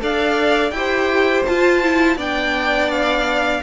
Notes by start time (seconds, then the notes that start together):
0.00 D4 A4 D5 F5
0.71 E4 G4 C5 G5
1.46 F4 A5
1.84 E4
2.17 B3 D4 D5 G5
2.91 F5